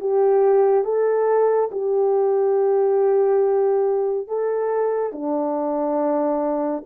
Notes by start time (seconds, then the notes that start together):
0.00 G4
0.84 A4
1.71 G4
4.27 A4
5.12 D4